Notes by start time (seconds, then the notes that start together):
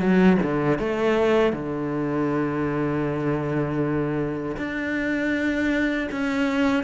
0.00 F#3
0.43 D3
0.79 A3
1.53 D3
4.57 D4
6.12 C#4